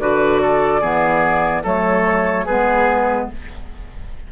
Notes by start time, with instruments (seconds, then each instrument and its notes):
0.00 bassoon D3, clarinet F#4, oboe B4, flute D5
0.42 oboe A4
0.81 bassoon E3, clarinet B3, oboe G#4
1.64 bassoon F#3, clarinet A3, oboe A4, flute C#5
2.46 bassoon G#3, clarinet B3, oboe G#4, flute B4